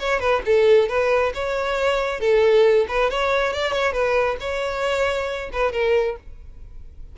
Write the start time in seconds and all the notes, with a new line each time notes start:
0.00 C#5
0.20 B4
0.46 A4
0.89 B4
1.35 C#5
2.21 A4
2.89 B4
3.11 C#5
3.54 D5
3.73 C#5
3.93 B4
4.41 C#5
5.53 B4
5.73 A#4